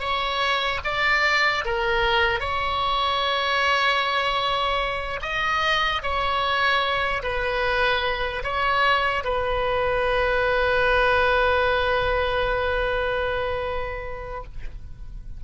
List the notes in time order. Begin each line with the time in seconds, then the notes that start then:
0.00 C#5
0.85 D5
1.65 A#4
2.40 C#5
5.22 D#5
6.03 C#5
7.23 B4
8.44 C#5
9.24 B4